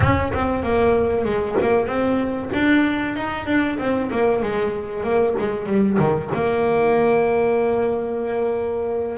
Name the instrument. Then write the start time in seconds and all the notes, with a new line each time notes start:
double bass
0.00 C#4
0.33 C4
0.63 A#3
1.24 G#3
1.61 A#3
1.86 C4
2.53 D4
3.16 D#4
3.46 D4
3.78 C4
4.11 A#3
4.42 G#3
5.03 A#3
5.39 G#3
5.66 G3
5.98 D#3
6.33 A#3